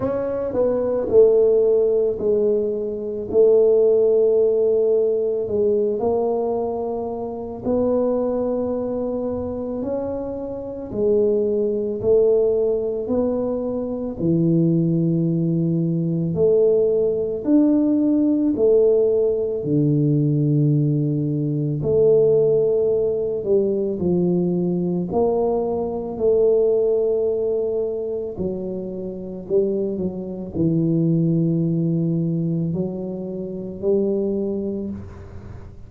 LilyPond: \new Staff \with { instrumentName = "tuba" } { \time 4/4 \tempo 4 = 55 cis'8 b8 a4 gis4 a4~ | a4 gis8 ais4. b4~ | b4 cis'4 gis4 a4 | b4 e2 a4 |
d'4 a4 d2 | a4. g8 f4 ais4 | a2 fis4 g8 fis8 | e2 fis4 g4 | }